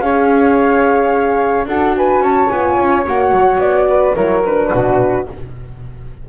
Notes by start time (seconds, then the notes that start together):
0.00 C#4 G#4 C#5 F5
1.65 D4 F#4 A4 F#5
1.97 B4 G#5
2.20 C#4 C#5 A5
2.49 B3 F4 G#5
2.78 C#4
3.06 A#3 F#4 F#5
3.32 F#3
3.58 B3 D5
3.89 B4
4.15 F#3 E4 A#4 C#5
4.44 D4 B4
4.71 B2 F#4